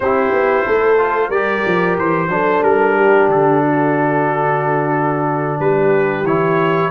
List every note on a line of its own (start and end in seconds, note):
0.00 0.32 C4
0.00 0.98 E4
0.00 0.66 G4
0.00 1.30 C5
0.32 0.65 B3
0.66 1.29 A3
0.66 1.28 A4
0.98 1.30 F4
1.28 1.62 G3
1.28 2.29 G4
1.28 2.27 A#4
1.28 1.96 D5
1.66 1.98 F3
1.98 2.28 E3
1.98 2.63 C5
2.28 2.61 F#3
2.28 6.24 D4
2.28 2.95 A4
2.62 3.27 G3
2.62 3.29 A#4
2.95 3.61 G4
3.27 5.58 D3
3.27 5.59 A4
3.61 5.59 F#4
5.59 6.22 G3
5.59 6.90 G4
5.59 6.25 B4
6.22 6.88 E3
6.22 6.90 E4
6.22 6.90 C#5